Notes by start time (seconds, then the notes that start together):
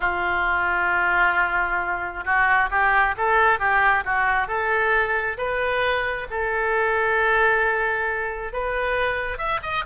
0.00 F4
2.24 F#4
2.70 G4
3.17 A4
3.59 G4
4.05 F#4
4.47 A4
5.37 B4
6.30 A4
8.52 B4
9.38 E5
9.62 D#5